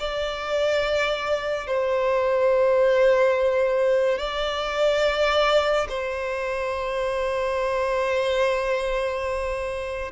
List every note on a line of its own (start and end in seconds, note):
0.00 1.67 D5
1.67 4.18 C5
4.18 5.87 D5
5.89 10.12 C5